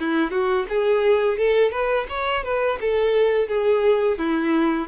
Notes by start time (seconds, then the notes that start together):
0.00 E4
0.31 F#4
0.69 G#4
1.38 A4
1.72 B4
2.09 C#5
2.44 B4
2.81 A4
3.49 G#4
4.19 E4